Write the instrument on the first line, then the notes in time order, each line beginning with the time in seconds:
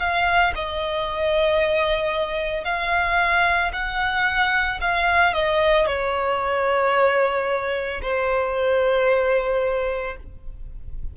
violin
0.00 F5
0.56 D#5
2.65 F5
3.73 F#5
4.81 F5
5.34 D#5
5.87 C#5
8.03 C5